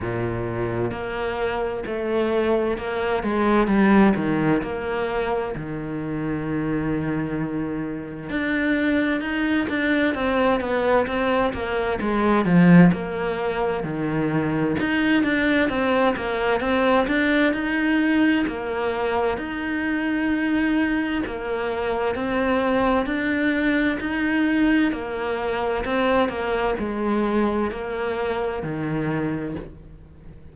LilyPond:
\new Staff \with { instrumentName = "cello" } { \time 4/4 \tempo 4 = 65 ais,4 ais4 a4 ais8 gis8 | g8 dis8 ais4 dis2~ | dis4 d'4 dis'8 d'8 c'8 b8 | c'8 ais8 gis8 f8 ais4 dis4 |
dis'8 d'8 c'8 ais8 c'8 d'8 dis'4 | ais4 dis'2 ais4 | c'4 d'4 dis'4 ais4 | c'8 ais8 gis4 ais4 dis4 | }